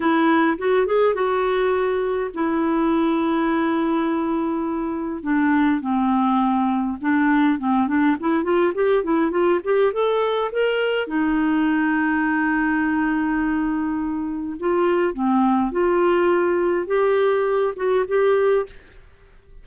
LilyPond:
\new Staff \with { instrumentName = "clarinet" } { \time 4/4 \tempo 4 = 103 e'4 fis'8 gis'8 fis'2 | e'1~ | e'4 d'4 c'2 | d'4 c'8 d'8 e'8 f'8 g'8 e'8 |
f'8 g'8 a'4 ais'4 dis'4~ | dis'1~ | dis'4 f'4 c'4 f'4~ | f'4 g'4. fis'8 g'4 | }